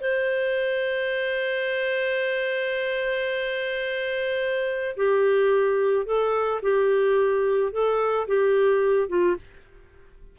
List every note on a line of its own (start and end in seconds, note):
0.00 4.95 C5
4.96 6.05 G4
6.05 6.60 A4
6.62 7.72 G4
7.72 8.27 A4
8.27 9.08 G4
9.08 9.36 F4